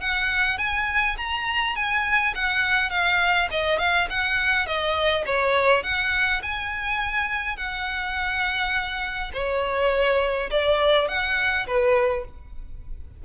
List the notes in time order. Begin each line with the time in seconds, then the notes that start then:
0.00 F#5
0.57 G#5
1.17 A#5
1.75 G#5
2.35 F#5
2.90 F5
3.51 D#5
3.79 F5
4.09 F#5
4.66 D#5
5.26 C#5
5.83 F#5
6.42 G#5
7.56 F#5
9.33 C#5
10.50 D5
11.08 F#5
11.66 B4